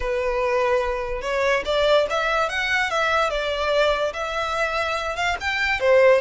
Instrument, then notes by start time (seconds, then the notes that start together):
violin
0.00 B4
1.21 C#5
1.65 D5
2.10 E5
2.49 F#5
2.90 E5
3.30 D5
4.13 E5
5.15 F5
5.40 G5
5.80 C5